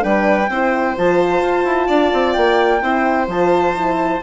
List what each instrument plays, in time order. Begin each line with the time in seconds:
0.00 bassoon G3, horn D4, violin B4, flute G5
0.49 bassoon C4, horn E4, violin C5
0.97 bassoon F3, horn F4, flute A5
1.41 bassoon F4
1.64 bassoon E4
1.87 bassoon D4, violin D5
2.12 bassoon C4
2.33 bassoon A#3, flute G5
2.81 bassoon C4, horn E4, violin C5
3.27 bassoon F3, horn F4, flute A5
3.75 horn E4